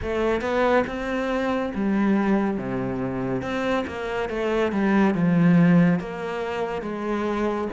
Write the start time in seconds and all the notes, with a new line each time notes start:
0.02 A3
0.41 B3
0.86 C4
1.74 G3
2.57 C3
3.41 C4
3.86 A#3
4.29 A3
4.71 G3
5.14 F3
5.99 A#3
6.82 G#3